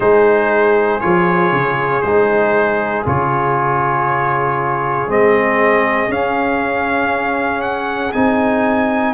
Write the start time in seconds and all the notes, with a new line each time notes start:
0.00 G#3 D#4 G#4 C5
1.00 F3 F4 C#5
1.52 C#3
2.01 G#3 D#4 C5
3.05 C#3 F4 C#5
5.07 G#3 C4 D#5
6.08 C#4 F5
7.61 F#5
8.12 C4 D#4 G#5